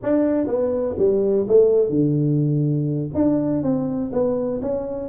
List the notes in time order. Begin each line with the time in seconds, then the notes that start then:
0.02 D4
0.46 B3
0.98 G3
1.48 A3
1.89 D3
3.14 D4
3.62 C4
4.12 B3
4.61 C#4